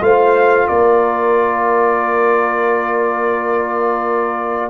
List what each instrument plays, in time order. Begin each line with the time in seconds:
0.00 tuba A3, trombone F4, horn C5, trumpet F5
0.68 tuba A#3, horn A#4, trumpet D5